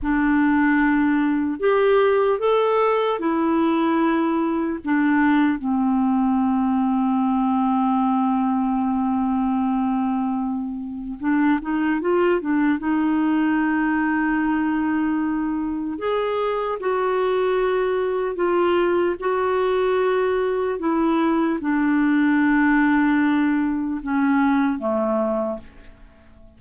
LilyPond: \new Staff \with { instrumentName = "clarinet" } { \time 4/4 \tempo 4 = 75 d'2 g'4 a'4 | e'2 d'4 c'4~ | c'1~ | c'2 d'8 dis'8 f'8 d'8 |
dis'1 | gis'4 fis'2 f'4 | fis'2 e'4 d'4~ | d'2 cis'4 a4 | }